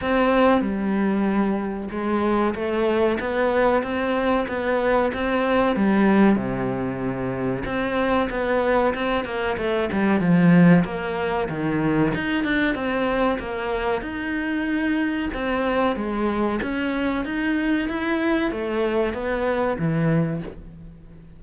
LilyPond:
\new Staff \with { instrumentName = "cello" } { \time 4/4 \tempo 4 = 94 c'4 g2 gis4 | a4 b4 c'4 b4 | c'4 g4 c2 | c'4 b4 c'8 ais8 a8 g8 |
f4 ais4 dis4 dis'8 d'8 | c'4 ais4 dis'2 | c'4 gis4 cis'4 dis'4 | e'4 a4 b4 e4 | }